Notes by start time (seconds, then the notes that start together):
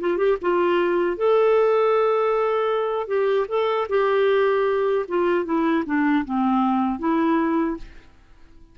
0.00 F4
0.17 G4
0.41 F4
1.17 A4
3.07 G4
3.48 A4
3.89 G4
5.08 F4
5.44 E4
5.85 D4
6.24 C4
6.99 E4